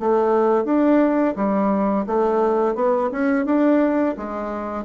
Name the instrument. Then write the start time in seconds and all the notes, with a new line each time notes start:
bassoon
0.00 A3
0.65 D4
1.36 G3
2.06 A3
2.75 B3
3.12 C#4
3.46 D4
4.17 G#3